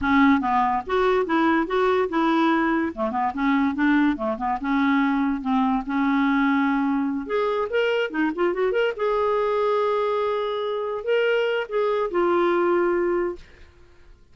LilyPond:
\new Staff \with { instrumentName = "clarinet" } { \time 4/4 \tempo 4 = 144 cis'4 b4 fis'4 e'4 | fis'4 e'2 a8 b8 | cis'4 d'4 a8 b8 cis'4~ | cis'4 c'4 cis'2~ |
cis'4. gis'4 ais'4 dis'8 | f'8 fis'8 ais'8 gis'2~ gis'8~ | gis'2~ gis'8 ais'4. | gis'4 f'2. | }